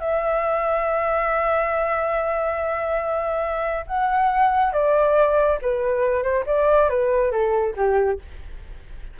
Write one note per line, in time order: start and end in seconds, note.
0.00 3.86 E5
3.87 4.73 F#5
4.73 5.59 D5
5.62 6.23 B4
6.23 6.45 C5
6.47 6.89 D5
6.90 7.31 B4
7.31 7.74 A4
7.76 8.19 G4